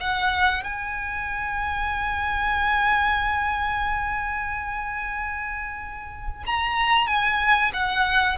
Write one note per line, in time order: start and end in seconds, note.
0.00 0.63 F#5
0.63 6.44 G#5
6.46 7.07 A#5
7.07 7.71 G#5
7.73 8.38 F#5